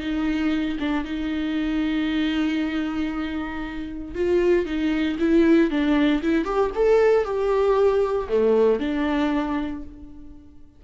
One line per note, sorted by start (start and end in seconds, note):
0.00 0.78 D#4
0.79 1.04 D4
1.04 4.14 D#4
4.14 4.66 F4
4.66 5.17 D#4
5.19 5.70 E4
5.70 6.22 D4
6.23 6.45 E4
6.45 6.71 G4
6.75 7.24 A4
7.24 8.28 G4
8.29 8.79 A3
8.79 9.83 D4